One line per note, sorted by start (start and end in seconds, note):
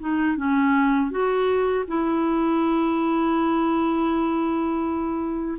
0.00 0.37 D#4
0.37 1.11 C#4
1.11 1.85 F#4
1.88 5.58 E4